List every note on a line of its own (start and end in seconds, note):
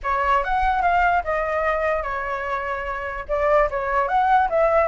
0.03 0.44 C#5
0.44 0.82 F#5
0.82 1.22 F5
1.24 2.02 D#5
2.02 3.25 C#5
3.28 3.69 D5
3.70 4.08 C#5
4.08 4.48 F#5
4.49 4.88 E5